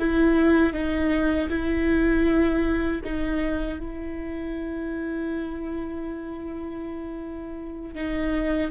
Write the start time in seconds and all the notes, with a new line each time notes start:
0.00 E4
0.73 D#4
1.50 E4
3.04 D#4
3.80 E4
7.95 D#4